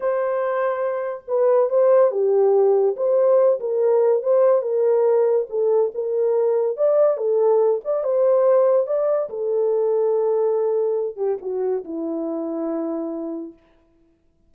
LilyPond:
\new Staff \with { instrumentName = "horn" } { \time 4/4 \tempo 4 = 142 c''2. b'4 | c''4 g'2 c''4~ | c''8 ais'4. c''4 ais'4~ | ais'4 a'4 ais'2 |
d''4 a'4. d''8 c''4~ | c''4 d''4 a'2~ | a'2~ a'8 g'8 fis'4 | e'1 | }